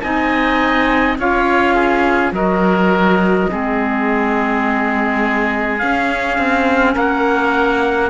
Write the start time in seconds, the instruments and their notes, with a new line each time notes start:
0.00 cello C4, clarinet D#4, oboe D#5, trumpet G#5
1.18 cello C#4, clarinet F4, oboe C#5, trumpet F5
1.75 oboe G#4
2.31 cello F#3, clarinet F#4, oboe A#4, trumpet D#5
3.49 cello G#3, clarinet C4, oboe G#4
5.78 clarinet C#4, cello C#4, trumpet F5
6.37 cello C4
6.94 cello A#3, oboe A#4, trumpet F#5